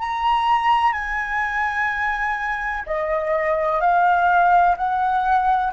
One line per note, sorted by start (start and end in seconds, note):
0.00 0.93 A#5
0.93 2.84 G#5
2.87 3.81 D#5
3.81 4.76 F5
4.77 5.73 F#5